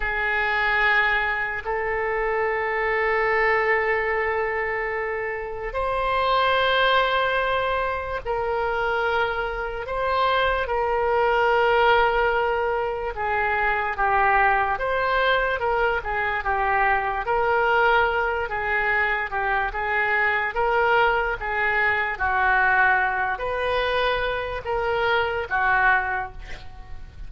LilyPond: \new Staff \with { instrumentName = "oboe" } { \time 4/4 \tempo 4 = 73 gis'2 a'2~ | a'2. c''4~ | c''2 ais'2 | c''4 ais'2. |
gis'4 g'4 c''4 ais'8 gis'8 | g'4 ais'4. gis'4 g'8 | gis'4 ais'4 gis'4 fis'4~ | fis'8 b'4. ais'4 fis'4 | }